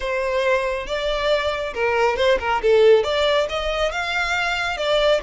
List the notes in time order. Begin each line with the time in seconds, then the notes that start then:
0.00 C5
0.86 D5
1.74 A#4
2.16 C5
2.39 A#4
2.62 A4
3.03 D5
3.49 D#5
3.91 F5
4.77 D5